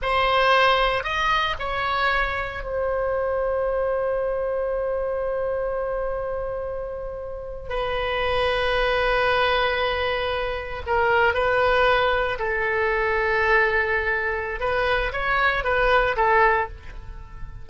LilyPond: \new Staff \with { instrumentName = "oboe" } { \time 4/4 \tempo 4 = 115 c''2 dis''4 cis''4~ | cis''4 c''2.~ | c''1~ | c''2~ c''8. b'4~ b'16~ |
b'1~ | b'8. ais'4 b'2 a'16~ | a'1 | b'4 cis''4 b'4 a'4 | }